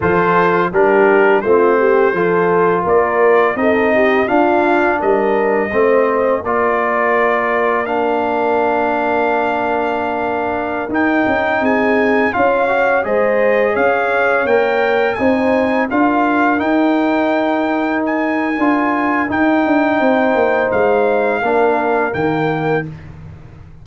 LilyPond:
<<
  \new Staff \with { instrumentName = "trumpet" } { \time 4/4 \tempo 4 = 84 c''4 ais'4 c''2 | d''4 dis''4 f''4 dis''4~ | dis''4 d''2 f''4~ | f''2.~ f''16 g''8.~ |
g''16 gis''4 f''4 dis''4 f''8.~ | f''16 g''4 gis''4 f''4 g''8.~ | g''4~ g''16 gis''4.~ gis''16 g''4~ | g''4 f''2 g''4 | }
  \new Staff \with { instrumentName = "horn" } { \time 4/4 a'4 g'4 f'8 g'8 a'4 | ais'4 a'8 g'8 f'4 ais'4 | c''4 ais'2.~ | ais'1~ |
ais'16 gis'4 cis''4 c''4 cis''8.~ | cis''4~ cis''16 c''4 ais'4.~ ais'16~ | ais'1 | c''2 ais'2 | }
  \new Staff \with { instrumentName = "trombone" } { \time 4/4 f'4 d'4 c'4 f'4~ | f'4 dis'4 d'2 | c'4 f'2 d'4~ | d'2.~ d'16 dis'8.~ |
dis'4~ dis'16 f'8 fis'8 gis'4.~ gis'16~ | gis'16 ais'4 dis'4 f'4 dis'8.~ | dis'2 f'4 dis'4~ | dis'2 d'4 ais4 | }
  \new Staff \with { instrumentName = "tuba" } { \time 4/4 f4 g4 a4 f4 | ais4 c'4 d'4 g4 | a4 ais2.~ | ais2.~ ais16 dis'8 cis'16~ |
cis'16 c'4 cis'4 gis4 cis'8.~ | cis'16 ais4 c'4 d'4 dis'8.~ | dis'2 d'4 dis'8 d'8 | c'8 ais8 gis4 ais4 dis4 | }
>>